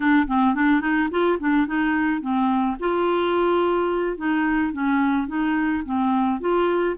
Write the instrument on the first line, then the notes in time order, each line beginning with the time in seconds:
clarinet
0.00 D4
0.27 C4
0.55 D4
0.81 D#4
1.10 F4
1.39 D4
1.66 D#4
2.21 C4
2.79 F4
4.17 D#4
4.72 C#4
5.27 D#4
5.85 C4
6.40 F4